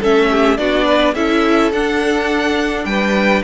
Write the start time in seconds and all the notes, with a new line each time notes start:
0.00 A3 C#4 A4 E5
0.30 G4
0.57 B3 D4 F#4 D5
0.86 B4
1.15 C#4 E4 A4 E5
1.72 D4 F#5
2.85 G3 B4 G5